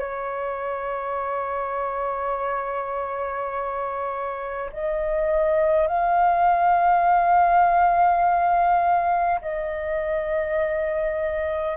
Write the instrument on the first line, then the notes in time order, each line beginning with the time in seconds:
flute
0.00 C#5
4.73 D#5
5.88 F5
9.42 D#5